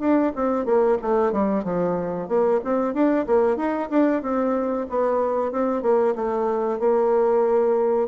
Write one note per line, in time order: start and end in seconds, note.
0.00 0.32 D4
0.35 0.65 C4
0.65 0.98 A#3
1.02 1.33 A3
1.33 1.64 G3
1.64 2.28 F3
2.28 2.60 A#3
2.64 2.94 C4
2.94 3.26 D4
3.27 3.57 A#3
3.57 3.89 D#4
3.90 4.22 D4
4.22 4.87 C4
4.89 5.52 B3
5.52 5.82 C4
5.82 6.15 A#3
6.16 6.79 A3
6.79 8.08 A#3